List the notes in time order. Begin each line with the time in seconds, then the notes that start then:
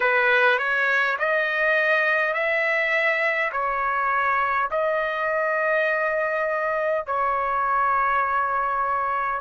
0.00 B4
0.58 C#5
1.18 D#5
2.33 E5
3.52 C#5
4.71 D#5
7.06 C#5